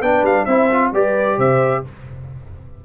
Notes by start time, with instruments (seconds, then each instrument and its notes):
0.00 tuba B3, trombone D4, horn B4, trumpet G5
0.22 tuba G3, trumpet F5
0.45 tuba C4, trombone E4, horn C5, trumpet E5
0.71 trombone F4
0.92 tuba G3, trombone G4, horn B4, trumpet D5
1.37 tuba C3, horn C5, trumpet E5